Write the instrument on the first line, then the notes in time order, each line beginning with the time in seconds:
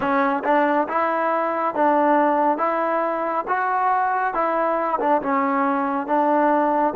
trombone
0.00 C#4
0.43 D4
0.88 E4
1.74 D4
2.57 E4
3.47 F#4
4.34 E4
5.00 D4
5.22 C#4
6.07 D4